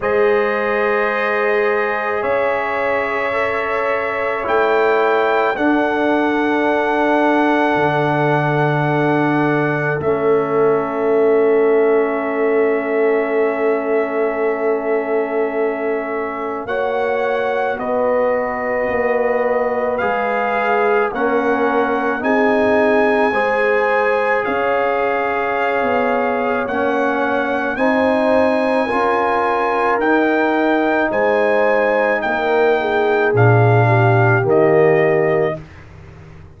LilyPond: <<
  \new Staff \with { instrumentName = "trumpet" } { \time 4/4 \tempo 4 = 54 dis''2 e''2 | g''4 fis''2.~ | fis''4 e''2.~ | e''2. fis''4 |
dis''2 f''4 fis''4 | gis''2 f''2 | fis''4 gis''2 g''4 | gis''4 g''4 f''4 dis''4 | }
  \new Staff \with { instrumentName = "horn" } { \time 4/4 c''2 cis''2~ | cis''4 a'2.~ | a'1~ | a'2. cis''4 |
b'2. ais'4 | gis'4 c''4 cis''2~ | cis''4 c''4 ais'2 | c''4 ais'8 gis'4 g'4. | }
  \new Staff \with { instrumentName = "trombone" } { \time 4/4 gis'2. a'4 | e'4 d'2.~ | d'4 cis'2.~ | cis'2. fis'4~ |
fis'2 gis'4 cis'4 | dis'4 gis'2. | cis'4 dis'4 f'4 dis'4~ | dis'2 d'4 ais4 | }
  \new Staff \with { instrumentName = "tuba" } { \time 4/4 gis2 cis'2 | a4 d'2 d4~ | d4 a2.~ | a2. ais4 |
b4 ais4 gis4 ais4 | c'4 gis4 cis'4~ cis'16 b8. | ais4 c'4 cis'4 dis'4 | gis4 ais4 ais,4 dis4 | }
>>